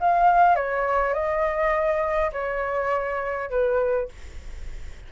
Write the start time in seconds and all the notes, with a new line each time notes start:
0.00 F5
0.56 C#5
1.13 D#5
2.33 C#5
3.50 B4